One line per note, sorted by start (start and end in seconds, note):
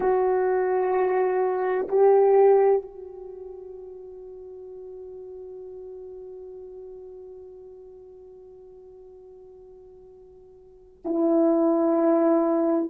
0.00 1.87 F#4
1.88 2.82 G4
2.82 11.02 F#4
11.05 12.90 E4